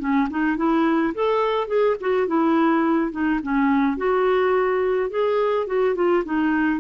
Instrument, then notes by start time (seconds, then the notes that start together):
clarinet
0.00 C#4
0.30 D#4
0.57 E4
1.15 A4
1.68 G#4
2.01 F#4
2.28 E4
3.12 D#4
3.43 C#4
3.98 F#4
5.11 G#4
5.67 F#4
5.96 F4
6.25 D#4